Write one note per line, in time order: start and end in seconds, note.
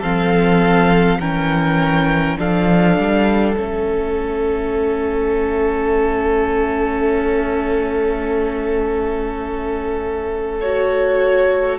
0.00 1.19 F3
0.00 1.19 C4
0.00 1.18 A4
0.00 1.20 F5
1.19 2.37 E3
1.19 2.38 C#4
1.19 2.37 A#4
1.19 2.37 G5
2.38 2.97 F3
2.38 3.56 D4
2.38 11.78 A4
2.38 3.53 F5
2.97 3.56 G3
3.53 11.78 A3
3.53 10.62 C#4
3.53 10.59 E5
10.60 11.78 F#4
10.60 11.78 C#5